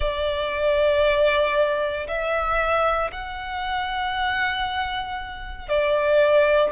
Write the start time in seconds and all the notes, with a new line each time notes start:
0.00 D5
2.07 E5
3.12 F#5
5.68 D5